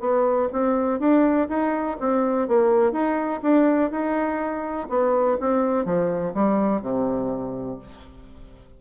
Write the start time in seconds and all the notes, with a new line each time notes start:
0.00 B3
0.53 C4
1.00 D4
1.49 D#4
2.00 C4
2.48 A#3
2.92 D#4
3.43 D4
3.91 D#4
4.89 B3
5.41 C4
5.85 F3
6.34 G3
6.82 C3